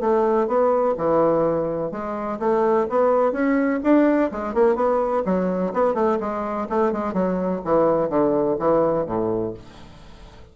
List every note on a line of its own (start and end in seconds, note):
0.00 0.47 A3
0.47 0.95 B3
0.97 1.91 E3
1.91 2.39 G#3
2.39 2.87 A3
2.89 3.32 B3
3.32 3.80 C#4
3.83 4.31 D4
4.31 4.54 G#3
4.54 4.75 A#3
4.75 5.23 B3
5.25 5.73 F#3
5.73 5.94 B3
5.94 6.18 A3
6.20 6.68 G#3
6.69 6.92 A3
6.92 7.13 G#3
7.13 7.61 F#3
7.65 8.09 E3
8.09 8.57 D3
8.59 9.06 E3
9.06 9.54 A2